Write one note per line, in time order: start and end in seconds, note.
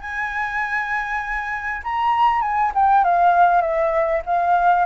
0.00 1.82 G#5
1.84 2.42 A#5
2.42 2.72 G#5
2.74 3.04 G5
3.04 3.61 F5
3.61 4.22 E5
4.26 4.85 F5